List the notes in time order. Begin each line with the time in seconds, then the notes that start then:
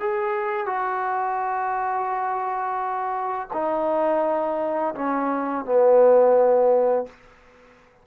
0.00 G#4
0.66 F#4
3.53 D#4
4.95 C#4
5.65 B3